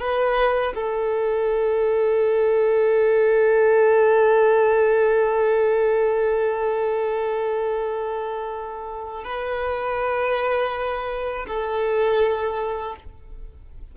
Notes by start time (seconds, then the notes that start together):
0.00 B4
0.75 A4
9.25 B4
11.48 A4